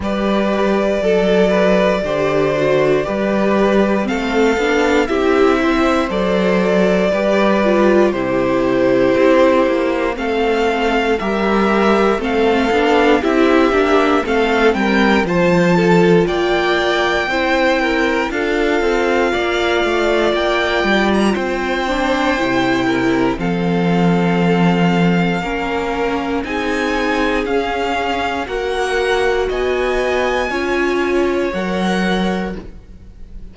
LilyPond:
<<
  \new Staff \with { instrumentName = "violin" } { \time 4/4 \tempo 4 = 59 d''1 | f''4 e''4 d''2 | c''2 f''4 e''4 | f''4 e''4 f''8 g''8 a''4 |
g''2 f''2 | g''8. ais''16 g''2 f''4~ | f''2 gis''4 f''4 | fis''4 gis''2 fis''4 | }
  \new Staff \with { instrumentName = "violin" } { \time 4/4 b'4 a'8 b'8 c''4 b'4 | a'4 g'8 c''4. b'4 | g'2 a'4 ais'4 | a'4 g'4 a'8 ais'8 c''8 a'8 |
d''4 c''8 ais'8 a'4 d''4~ | d''4 c''4. ais'8 a'4~ | a'4 ais'4 gis'2 | ais'4 dis''4 cis''2 | }
  \new Staff \with { instrumentName = "viola" } { \time 4/4 g'4 a'4 g'8 fis'8 g'4 | c'8 d'8 e'4 a'4 g'8 f'8 | e'2 c'4 g'4 | c'8 d'8 e'8 d'8 c'4 f'4~ |
f'4 e'4 f'2~ | f'4. d'8 e'4 c'4~ | c'4 cis'4 dis'4 cis'4 | fis'2 f'4 ais'4 | }
  \new Staff \with { instrumentName = "cello" } { \time 4/4 g4 fis4 d4 g4 | a8 b8 c'4 fis4 g4 | c4 c'8 ais8 a4 g4 | a8 b8 c'8 ais8 a8 g8 f4 |
ais4 c'4 d'8 c'8 ais8 a8 | ais8 g8 c'4 c4 f4~ | f4 ais4 c'4 cis'4 | ais4 b4 cis'4 fis4 | }
>>